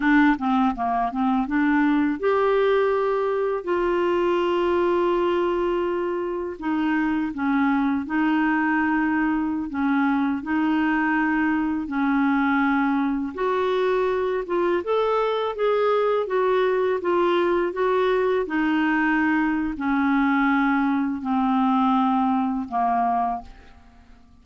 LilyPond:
\new Staff \with { instrumentName = "clarinet" } { \time 4/4 \tempo 4 = 82 d'8 c'8 ais8 c'8 d'4 g'4~ | g'4 f'2.~ | f'4 dis'4 cis'4 dis'4~ | dis'4~ dis'16 cis'4 dis'4.~ dis'16~ |
dis'16 cis'2 fis'4. f'16~ | f'16 a'4 gis'4 fis'4 f'8.~ | f'16 fis'4 dis'4.~ dis'16 cis'4~ | cis'4 c'2 ais4 | }